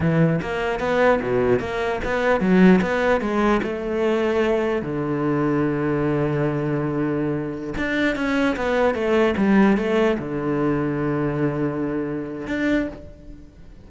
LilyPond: \new Staff \with { instrumentName = "cello" } { \time 4/4 \tempo 4 = 149 e4 ais4 b4 b,4 | ais4 b4 fis4 b4 | gis4 a2. | d1~ |
d2.~ d16 d'8.~ | d'16 cis'4 b4 a4 g8.~ | g16 a4 d2~ d8.~ | d2. d'4 | }